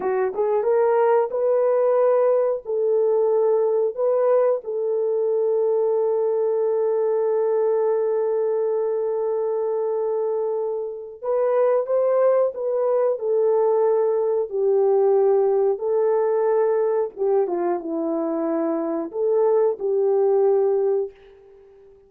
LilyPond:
\new Staff \with { instrumentName = "horn" } { \time 4/4 \tempo 4 = 91 fis'8 gis'8 ais'4 b'2 | a'2 b'4 a'4~ | a'1~ | a'1~ |
a'4 b'4 c''4 b'4 | a'2 g'2 | a'2 g'8 f'8 e'4~ | e'4 a'4 g'2 | }